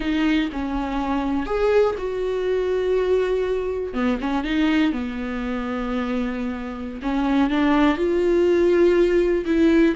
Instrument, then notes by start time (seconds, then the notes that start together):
viola
0.00 D#4
0.52 C#4
1.46 G#4
1.98 F#4
3.93 B3
4.20 C#4
4.44 D#4
4.92 B3
7.02 C#4
7.50 D4
7.97 F4
9.45 E4